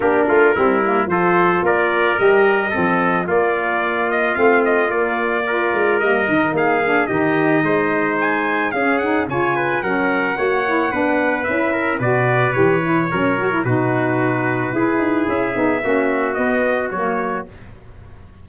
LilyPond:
<<
  \new Staff \with { instrumentName = "trumpet" } { \time 4/4 \tempo 4 = 110 ais'2 c''4 d''4 | dis''2 d''4. dis''8 | f''8 dis''8 d''2 dis''4 | f''4 dis''2 gis''4 |
f''8 fis''8 gis''4 fis''2~ | fis''4 e''4 d''4 cis''4~ | cis''4 b'2. | e''2 dis''4 cis''4 | }
  \new Staff \with { instrumentName = "trumpet" } { \time 4/4 g'8 f'8 e'4 a'4 ais'4~ | ais'4 a'4 f'2~ | f'2 ais'2 | gis'4 g'4 c''2 |
gis'4 cis''8 b'8 ais'4 cis''4 | b'4. ais'8 b'2 | ais'4 fis'2 gis'4~ | gis'4 fis'2. | }
  \new Staff \with { instrumentName = "saxophone" } { \time 4/4 d'4 c'8 ais8 f'2 | g'4 c'4 ais2 | c'4 ais4 f'4 ais8 dis'8~ | dis'8 d'8 dis'2. |
cis'8 dis'8 f'4 cis'4 fis'8 e'8 | d'4 e'4 fis'4 g'8 e'8 | cis'8 fis'16 e'16 dis'2 e'4~ | e'8 dis'8 cis'4 b4 ais4 | }
  \new Staff \with { instrumentName = "tuba" } { \time 4/4 ais8 a8 g4 f4 ais4 | g4 f4 ais2 | a4 ais4. gis8 g8 dis8 | ais4 dis4 gis2 |
cis'4 cis4 fis4 ais4 | b4 cis'4 b,4 e4 | fis4 b,2 e'8 dis'8 | cis'8 b8 ais4 b4 fis4 | }
>>